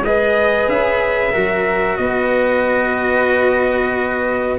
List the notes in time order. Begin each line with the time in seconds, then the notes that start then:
0.00 G#3 B4 D#5
0.06 G#4
0.68 C#4 E5
1.32 F#3 F#4 A#4
1.97 B3 B4 D#5